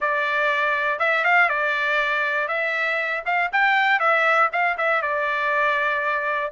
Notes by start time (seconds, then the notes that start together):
0.00 D5
0.99 E5
1.24 F5
1.49 D5
2.48 E5
3.25 F5
3.52 G5
3.99 E5
4.52 F5
4.77 E5
5.01 D5